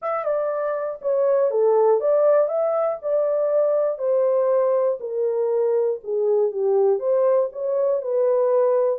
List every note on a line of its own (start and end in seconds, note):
0.02 0.24 E5
0.24 0.99 D5
1.01 1.50 C#5
1.50 2.00 A4
2.00 2.48 D5
2.48 2.97 E5
3.01 3.98 D5
3.98 4.98 C5
5.00 6.00 A#4
6.03 6.51 G#4
6.51 6.99 G4
6.99 7.49 C5
7.52 8.02 C#5
8.02 8.99 B4